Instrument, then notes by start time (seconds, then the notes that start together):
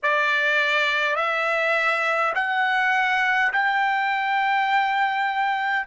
trumpet
0.02 D5
1.15 E5
2.34 F#5
3.52 G5